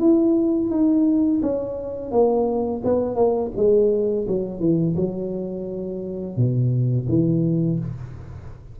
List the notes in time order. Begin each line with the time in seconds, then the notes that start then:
0.00 E4
0.71 D#4
1.42 C#4
2.11 A#3
2.84 B3
3.16 A#3
3.56 G#3
4.28 F#3
4.60 E3
4.96 F#3
6.37 B2
7.09 E3